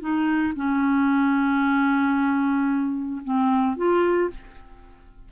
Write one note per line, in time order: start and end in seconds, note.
0.00 0.53 D#4
0.56 3.21 C#4
3.24 3.76 C4
3.76 4.29 F4